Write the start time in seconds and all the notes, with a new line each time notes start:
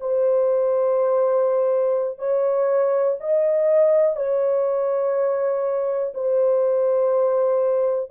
0.00 C5
2.18 C#5
3.20 D#5
4.16 C#5
6.14 C5